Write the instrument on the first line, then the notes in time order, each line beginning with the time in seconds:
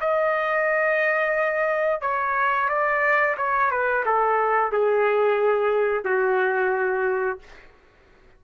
trumpet
0.00 D#5
2.01 C#5
2.68 D5
3.37 C#5
3.71 B4
4.05 A4
4.72 G#4
6.04 F#4